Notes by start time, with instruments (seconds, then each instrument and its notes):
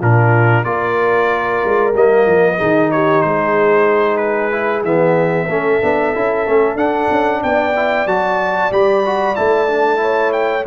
0.00 tuba A#2, trombone D4, horn F4, trumpet A#4
0.64 tuba A#3, trombone F4, horn A#4, trumpet D5
1.65 tuba G#3
1.94 tuba G3, trombone A#3, trumpet D#5
2.27 tuba F3
2.59 tuba D#3, trombone D#4, horn G#4
2.92 horn G4, trumpet C#5
3.22 tuba G#3, horn G#4, trumpet C5
4.17 trumpet B4
4.52 trombone E4
4.84 tuba E3, trombone B3, trumpet E5
5.47 tuba A3, trombone C#4, horn A4
5.82 tuba B3, trombone D4
6.15 tuba C#4, trombone E4
6.47 tuba A3, trombone C#4
6.76 tuba D4, trombone D4, trumpet F#5
7.11 tuba C#4
7.43 tuba B3, horn D5, trumpet G5
7.76 trombone E4
8.07 tuba F#3, trombone F#4, trumpet A5
8.72 tuba G3, trombone G4, trumpet B5
9.06 trombone F#4
9.36 tuba A3, trombone E4, trumpet A5
9.68 trombone D4
9.97 trombone E4, horn C#5
10.33 trumpet G5